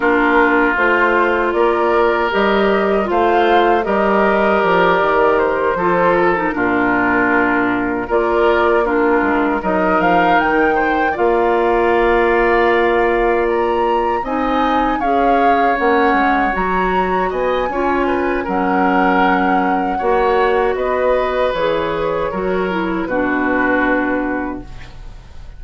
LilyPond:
<<
  \new Staff \with { instrumentName = "flute" } { \time 4/4 \tempo 4 = 78 ais'4 c''4 d''4 dis''4 | f''4 dis''4 d''4 c''4 | ais'2~ ais'8 d''4 ais'8~ | ais'8 dis''8 f''8 g''4 f''4.~ |
f''4. ais''4 gis''4 f''8~ | f''8 fis''4 ais''4 gis''4. | fis''2. dis''4 | cis''2 b'2 | }
  \new Staff \with { instrumentName = "oboe" } { \time 4/4 f'2 ais'2 | c''4 ais'2~ ais'8 a'8~ | a'8 f'2 ais'4 f'8~ | f'8 ais'4. c''8 d''4.~ |
d''2~ d''8 dis''4 cis''8~ | cis''2~ cis''8 dis''8 cis''8 b'8 | ais'2 cis''4 b'4~ | b'4 ais'4 fis'2 | }
  \new Staff \with { instrumentName = "clarinet" } { \time 4/4 d'4 f'2 g'4 | f'4 g'2~ g'8 f'8~ | f'16 dis'16 d'2 f'4 d'8~ | d'8 dis'2 f'4.~ |
f'2~ f'8 dis'4 gis'8~ | gis'8 cis'4 fis'4. f'4 | cis'2 fis'2 | gis'4 fis'8 e'8 d'2 | }
  \new Staff \with { instrumentName = "bassoon" } { \time 4/4 ais4 a4 ais4 g4 | a4 g4 f8 dis4 f8~ | f8 ais,2 ais4. | gis8 fis8 f8 dis4 ais4.~ |
ais2~ ais8 c'4 cis'8~ | cis'8 ais8 gis8 fis4 b8 cis'4 | fis2 ais4 b4 | e4 fis4 b,2 | }
>>